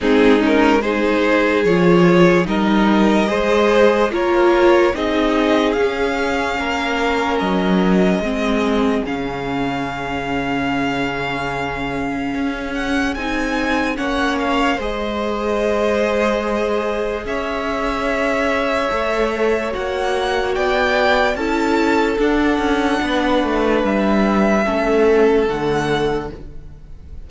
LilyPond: <<
  \new Staff \with { instrumentName = "violin" } { \time 4/4 \tempo 4 = 73 gis'8 ais'8 c''4 cis''4 dis''4~ | dis''4 cis''4 dis''4 f''4~ | f''4 dis''2 f''4~ | f''2.~ f''8 fis''8 |
gis''4 fis''8 f''8 dis''2~ | dis''4 e''2. | fis''4 g''4 a''4 fis''4~ | fis''4 e''2 fis''4 | }
  \new Staff \with { instrumentName = "violin" } { \time 4/4 dis'4 gis'2 ais'4 | c''4 ais'4 gis'2 | ais'2 gis'2~ | gis'1~ |
gis'4 cis''4 c''2~ | c''4 cis''2.~ | cis''4 d''4 a'2 | b'2 a'2 | }
  \new Staff \with { instrumentName = "viola" } { \time 4/4 c'8 cis'8 dis'4 f'4 dis'4 | gis'4 f'4 dis'4 cis'4~ | cis'2 c'4 cis'4~ | cis'1 |
dis'4 cis'4 gis'2~ | gis'2. a'4 | fis'2 e'4 d'4~ | d'2 cis'4 a4 | }
  \new Staff \with { instrumentName = "cello" } { \time 4/4 gis2 f4 g4 | gis4 ais4 c'4 cis'4 | ais4 fis4 gis4 cis4~ | cis2. cis'4 |
c'4 ais4 gis2~ | gis4 cis'2 a4 | ais4 b4 cis'4 d'8 cis'8 | b8 a8 g4 a4 d4 | }
>>